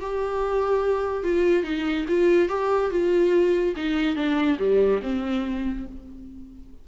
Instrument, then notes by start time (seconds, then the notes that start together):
viola
0.00 G4
1.24 F4
1.63 D#4
2.08 F4
2.49 G4
2.90 F4
3.76 D#4
4.16 D4
4.59 G3
5.02 C4